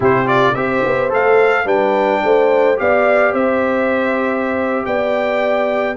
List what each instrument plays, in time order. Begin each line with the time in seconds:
0.00 tuba C3, trombone E4, horn G4, trumpet C5
0.25 trombone F4, trumpet D5
0.55 tuba C4, trombone G4, horn C5, trumpet E5
0.85 tuba B3
1.09 tuba A3, trombone A4, trumpet F5
1.64 tuba G3, trombone D4, horn B4, trumpet G5
2.23 tuba A3, horn C5
2.76 tuba B3, trombone G4, horn D5, trumpet F5
3.33 tuba C4, horn C5, trumpet E5
4.85 tuba B3, horn D5, trumpet G5